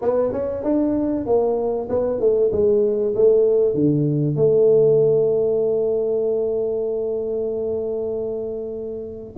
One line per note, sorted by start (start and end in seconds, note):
0.01 0.32 B3
0.32 0.63 C#4
0.63 1.26 D4
1.26 1.88 A#3
1.89 2.20 B3
2.20 2.51 A3
2.52 3.14 G#3
3.15 3.74 A3
3.74 4.36 D3
4.36 9.36 A3